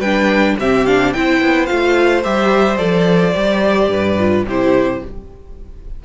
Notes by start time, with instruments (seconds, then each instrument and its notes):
0.00 cello G3, viola D4, violin B4 G5
0.59 cello C3, viola C4, violin G4 E5
0.86 viola D4, violin F5
1.13 cello C4, viola E4, violin C5 G5
1.42 cello B3
1.66 cello A3, viola F4, violin F5
2.24 cello G3, viola G4, violin E5
2.78 cello F3, viola A4, violin D5
3.34 cello G3, viola G4
3.89 cello G2, violin B4
4.19 viola F4
4.47 cello C3, viola E4, violin G4 C5